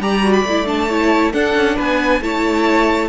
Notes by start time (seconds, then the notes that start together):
0.00 G3 G4 D5 A#5
0.22 F#4
0.33 B5
0.45 A3 E4
0.66 D4 A5
0.88 E4 C#5
1.33 D4 A4 F#5
1.55 C#4
1.76 B3 B4 G#5
2.21 A3 E4 C#5 A5